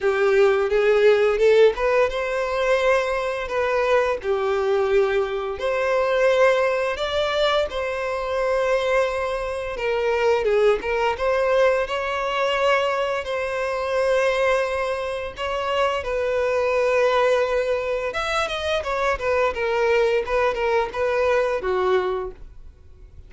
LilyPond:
\new Staff \with { instrumentName = "violin" } { \time 4/4 \tempo 4 = 86 g'4 gis'4 a'8 b'8 c''4~ | c''4 b'4 g'2 | c''2 d''4 c''4~ | c''2 ais'4 gis'8 ais'8 |
c''4 cis''2 c''4~ | c''2 cis''4 b'4~ | b'2 e''8 dis''8 cis''8 b'8 | ais'4 b'8 ais'8 b'4 fis'4 | }